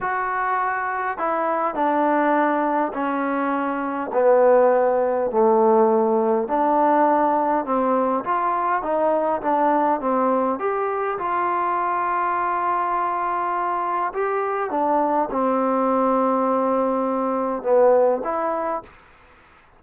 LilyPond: \new Staff \with { instrumentName = "trombone" } { \time 4/4 \tempo 4 = 102 fis'2 e'4 d'4~ | d'4 cis'2 b4~ | b4 a2 d'4~ | d'4 c'4 f'4 dis'4 |
d'4 c'4 g'4 f'4~ | f'1 | g'4 d'4 c'2~ | c'2 b4 e'4 | }